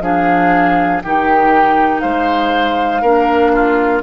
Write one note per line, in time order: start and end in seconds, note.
0.00 1.00 F3
0.00 1.02 D4
0.00 1.03 G#4
0.00 1.01 F5
1.02 2.03 D#3
1.02 3.04 D#4
1.02 2.02 G4
1.02 2.00 G5
2.00 3.02 G#3
2.00 3.02 C5
2.00 4.00 F5
3.02 4.02 A#3
3.02 4.03 D4
3.02 3.52 A#4
3.52 4.03 F4